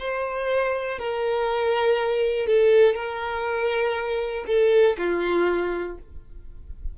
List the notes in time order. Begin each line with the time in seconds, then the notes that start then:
0.00 C5
0.99 A#4
2.47 A4
2.96 A#4
4.47 A4
4.98 F4